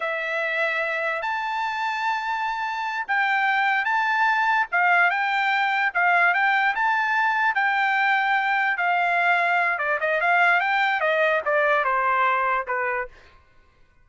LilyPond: \new Staff \with { instrumentName = "trumpet" } { \time 4/4 \tempo 4 = 147 e''2. a''4~ | a''2.~ a''8 g''8~ | g''4. a''2 f''8~ | f''8 g''2 f''4 g''8~ |
g''8 a''2 g''4.~ | g''4. f''2~ f''8 | d''8 dis''8 f''4 g''4 dis''4 | d''4 c''2 b'4 | }